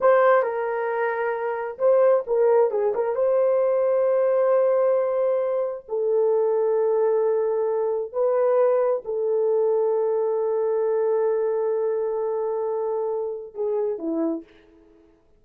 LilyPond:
\new Staff \with { instrumentName = "horn" } { \time 4/4 \tempo 4 = 133 c''4 ais'2. | c''4 ais'4 gis'8 ais'8 c''4~ | c''1~ | c''4 a'2.~ |
a'2 b'2 | a'1~ | a'1~ | a'2 gis'4 e'4 | }